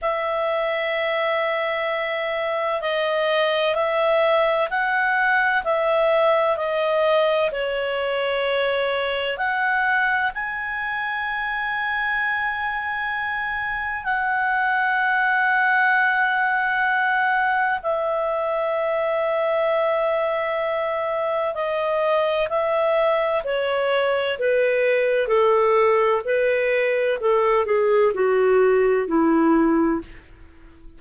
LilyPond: \new Staff \with { instrumentName = "clarinet" } { \time 4/4 \tempo 4 = 64 e''2. dis''4 | e''4 fis''4 e''4 dis''4 | cis''2 fis''4 gis''4~ | gis''2. fis''4~ |
fis''2. e''4~ | e''2. dis''4 | e''4 cis''4 b'4 a'4 | b'4 a'8 gis'8 fis'4 e'4 | }